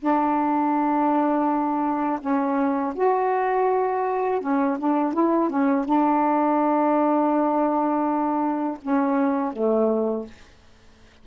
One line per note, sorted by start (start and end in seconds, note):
0.00 2.20 D4
2.21 2.94 C#4
2.95 4.41 F#4
4.41 4.78 C#4
4.79 5.13 D4
5.13 5.50 E4
5.50 5.85 C#4
5.85 8.78 D4
8.82 9.53 C#4
9.53 10.26 A3